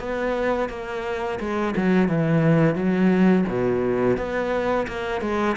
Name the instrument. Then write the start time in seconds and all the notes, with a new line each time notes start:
cello
0.00 B3
0.70 A#3
1.40 G#3
1.77 F#3
2.09 E3
2.76 F#3
3.49 B2
4.18 B3
4.88 A#3
5.22 G#3